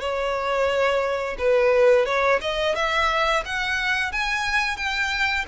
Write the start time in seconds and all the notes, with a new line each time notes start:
0.00 C#5
1.39 B4
2.05 C#5
2.41 D#5
2.75 E5
3.45 F#5
4.12 G#5
4.77 G5